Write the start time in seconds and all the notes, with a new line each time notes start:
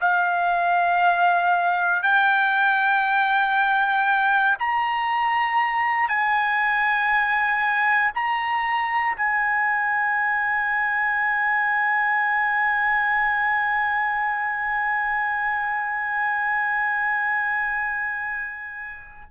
0.00 F5
2.02 G5
4.58 A#5
6.08 G#5
8.14 A#5
9.16 G#5